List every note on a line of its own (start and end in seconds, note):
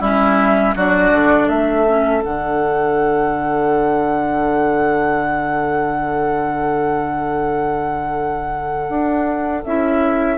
0.00 0.74 G3
0.00 0.76 C#4
0.00 0.74 E4
0.00 0.75 E5
0.75 1.12 F#3
0.75 1.87 D4
0.75 1.47 F#4
0.75 1.49 D5
1.12 1.48 D3
1.47 2.23 A3
1.47 10.36 A4
1.47 2.23 E5
1.87 2.21 C#4
2.21 8.89 D3
2.21 9.62 D4
2.21 9.64 F#5
8.89 9.63 D4
9.65 10.38 C#4
9.65 10.38 E4
9.65 10.38 E5